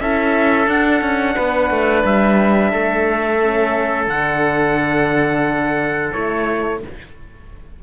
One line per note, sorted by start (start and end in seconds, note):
0.00 0.67 C#4
0.00 0.68 E4
0.00 1.35 A4
0.00 0.68 E5
0.67 1.01 D4
0.67 3.41 D4
0.67 2.05 F#5
1.01 1.35 C#4
1.35 1.70 B3
1.35 2.71 B4
1.70 2.04 A3
2.04 2.72 G3
2.04 4.08 E5
2.71 4.06 A3
2.71 6.80 A4
3.41 4.10 C#4
4.06 6.11 D3
4.06 6.13 D4
4.06 6.12 F#5
6.12 6.83 A3
6.12 6.81 E4
6.12 6.81 C#5